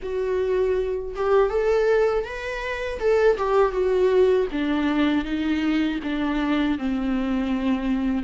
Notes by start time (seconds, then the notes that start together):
0.02 F#4
1.15 G4
1.49 A4
2.24 B4
2.99 A4
3.37 G4
3.72 F#4
4.52 D4
5.24 D#4
6.03 D4
6.78 C4